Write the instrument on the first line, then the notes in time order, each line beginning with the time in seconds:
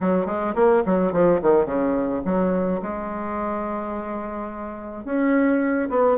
bassoon
0.01 F#3
0.26 G#3
0.55 A#3
0.85 F#3
1.12 F3
1.42 D#3
1.65 C#3
2.25 F#3
2.82 G#3
5.04 C#4
5.89 B3